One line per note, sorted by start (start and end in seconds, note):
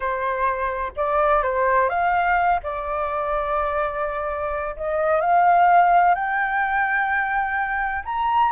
0.00 0.92 C5
0.96 1.42 D5
1.42 1.89 C5
1.89 2.60 F5
2.63 4.75 D5
4.76 5.21 D#5
5.21 6.14 F5
6.14 8.03 G5
8.04 8.51 A#5